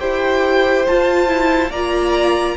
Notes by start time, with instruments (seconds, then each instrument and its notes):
0.00 cello E4, viola G4, violin C5 G5
0.87 viola F4, cello F4, violin A5
1.27 viola E4
1.70 cello A#3, viola F4, violin D5 A#5